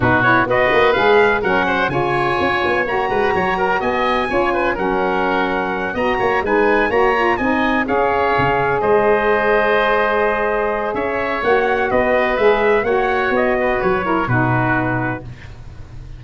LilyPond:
<<
  \new Staff \with { instrumentName = "trumpet" } { \time 4/4 \tempo 4 = 126 b'8 cis''8 dis''4 f''4 fis''4 | gis''2 ais''2 | gis''2 fis''2~ | fis''8 ais''4 gis''4 ais''4 gis''8~ |
gis''8 f''2 dis''4.~ | dis''2. e''4 | fis''4 dis''4 e''4 fis''4 | dis''4 cis''4 b'2 | }
  \new Staff \with { instrumentName = "oboe" } { \time 4/4 fis'4 b'2 ais'8 c''8 | cis''2~ cis''8 b'8 cis''8 ais'8 | dis''4 cis''8 b'8 ais'2~ | ais'8 dis''8 cis''8 b'4 cis''4 dis''8~ |
dis''8 cis''2 c''4.~ | c''2. cis''4~ | cis''4 b'2 cis''4~ | cis''8 b'4 ais'8 fis'2 | }
  \new Staff \with { instrumentName = "saxophone" } { \time 4/4 dis'8 e'8 fis'4 gis'4 cis'4 | f'2 fis'2~ | fis'4 f'4 cis'2~ | cis'8 fis'4 dis'4 fis'8 f'8 dis'8~ |
dis'8 gis'2.~ gis'8~ | gis'1 | fis'2 gis'4 fis'4~ | fis'4. e'8 dis'2 | }
  \new Staff \with { instrumentName = "tuba" } { \time 4/4 b,4 b8 ais8 gis4 fis4 | cis4 cis'8 b8 ais8 gis8 fis4 | b4 cis'4 fis2~ | fis8 b8 ais8 gis4 ais4 c'8~ |
c'8 cis'4 cis4 gis4.~ | gis2. cis'4 | ais4 b4 gis4 ais4 | b4 fis4 b,2 | }
>>